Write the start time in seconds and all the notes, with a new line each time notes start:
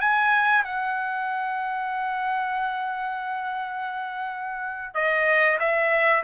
0.00 G#5
0.64 F#5
4.94 D#5
5.59 E5